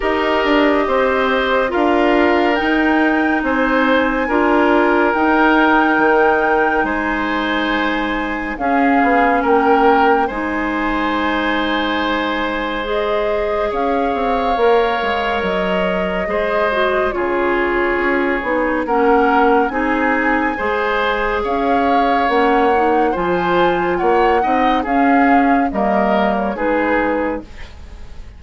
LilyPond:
<<
  \new Staff \with { instrumentName = "flute" } { \time 4/4 \tempo 4 = 70 dis''2 f''4 g''4 | gis''2 g''2 | gis''2 f''4 g''4 | gis''2. dis''4 |
f''2 dis''2 | cis''2 fis''4 gis''4~ | gis''4 f''4 fis''4 gis''4 | fis''4 f''4 dis''8. cis''16 b'4 | }
  \new Staff \with { instrumentName = "oboe" } { \time 4/4 ais'4 c''4 ais'2 | c''4 ais'2. | c''2 gis'4 ais'4 | c''1 |
cis''2. c''4 | gis'2 ais'4 gis'4 | c''4 cis''2 c''4 | cis''8 dis''8 gis'4 ais'4 gis'4 | }
  \new Staff \with { instrumentName = "clarinet" } { \time 4/4 g'2 f'4 dis'4~ | dis'4 f'4 dis'2~ | dis'2 cis'2 | dis'2. gis'4~ |
gis'4 ais'2 gis'8 fis'8 | f'4. dis'8 cis'4 dis'4 | gis'2 cis'8 dis'8 f'4~ | f'8 dis'8 cis'4 ais4 dis'4 | }
  \new Staff \with { instrumentName = "bassoon" } { \time 4/4 dis'8 d'8 c'4 d'4 dis'4 | c'4 d'4 dis'4 dis4 | gis2 cis'8 b8 ais4 | gis1 |
cis'8 c'8 ais8 gis8 fis4 gis4 | cis4 cis'8 b8 ais4 c'4 | gis4 cis'4 ais4 f4 | ais8 c'8 cis'4 g4 gis4 | }
>>